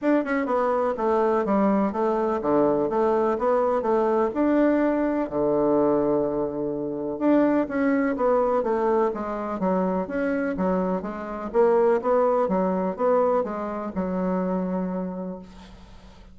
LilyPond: \new Staff \with { instrumentName = "bassoon" } { \time 4/4 \tempo 4 = 125 d'8 cis'8 b4 a4 g4 | a4 d4 a4 b4 | a4 d'2 d4~ | d2. d'4 |
cis'4 b4 a4 gis4 | fis4 cis'4 fis4 gis4 | ais4 b4 fis4 b4 | gis4 fis2. | }